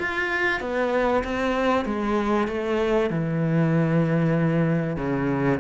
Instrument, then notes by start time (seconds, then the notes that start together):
cello
0.00 F4
0.61 B3
1.25 C4
1.86 G#3
2.48 A3
3.10 E3
4.97 C#3